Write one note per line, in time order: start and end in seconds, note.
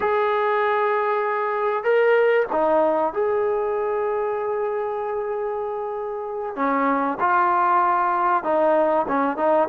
0.00 1.83 G#4
1.83 2.46 A#4
2.51 3.12 D#4
3.12 6.55 G#4
6.55 7.18 C#4
7.20 8.43 F4
8.43 9.06 D#4
9.07 9.37 C#4
9.37 9.68 D#4